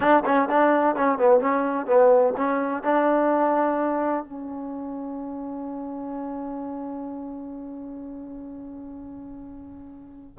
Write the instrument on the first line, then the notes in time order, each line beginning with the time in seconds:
trombone
0.00 D4
0.25 C#4
0.49 D4
0.95 C#4
1.18 B3
1.40 C#4
1.86 B3
2.36 C#4
2.83 D4
4.24 C#4